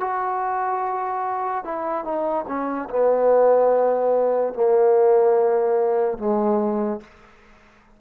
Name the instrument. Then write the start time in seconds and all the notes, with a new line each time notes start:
trombone
0.00 F#4
1.64 E4
2.04 D#4
2.48 C#4
2.90 B3
4.54 A#3
6.18 G#3